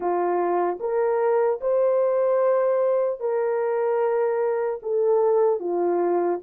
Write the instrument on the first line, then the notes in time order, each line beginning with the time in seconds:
horn
0.00 F4
0.80 A#4
1.60 C5
3.20 A#4
4.82 A4
5.59 F4